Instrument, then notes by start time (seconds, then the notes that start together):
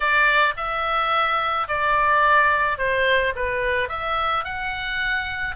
oboe
0.00 D5
0.56 E5
1.68 D5
2.78 C5
3.35 B4
3.88 E5
4.44 F#5